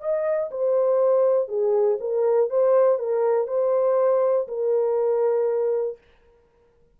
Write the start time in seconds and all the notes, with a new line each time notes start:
0.00 D#5
0.50 C5
1.48 G#4
2.00 A#4
2.50 C5
2.98 A#4
3.47 C5
4.47 A#4